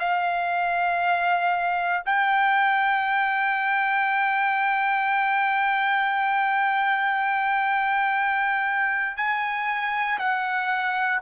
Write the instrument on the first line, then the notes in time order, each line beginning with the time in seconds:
trumpet
0.00 F5
2.06 G5
9.17 G#5
10.19 F#5